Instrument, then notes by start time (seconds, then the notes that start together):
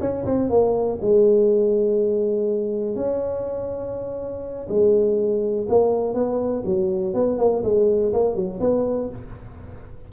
tuba
0.00 C#4
0.25 C4
0.49 A#3
1.01 G#3
2.95 C#4
4.69 G#3
5.68 A#3
6.14 B3
6.65 F#3
7.14 B3
7.38 A#3
7.63 G#3
8.13 A#3
8.35 F#3
8.60 B3